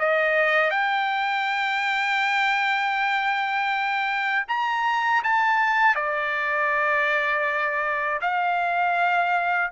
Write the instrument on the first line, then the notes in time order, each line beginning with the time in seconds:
trumpet
0.00 D#5
0.71 G5
4.49 A#5
5.24 A5
5.96 D5
8.22 F5